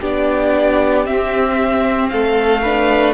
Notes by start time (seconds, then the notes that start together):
0.00 B3 D4 G4 D5
1.05 C4 E5
2.09 A3 A4 F5
2.62 D4 B4